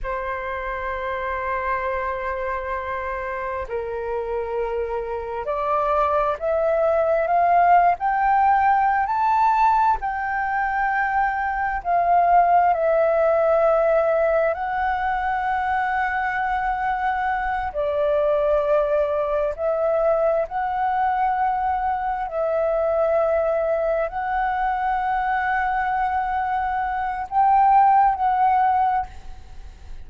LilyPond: \new Staff \with { instrumentName = "flute" } { \time 4/4 \tempo 4 = 66 c''1 | ais'2 d''4 e''4 | f''8. g''4~ g''16 a''4 g''4~ | g''4 f''4 e''2 |
fis''2.~ fis''8 d''8~ | d''4. e''4 fis''4.~ | fis''8 e''2 fis''4.~ | fis''2 g''4 fis''4 | }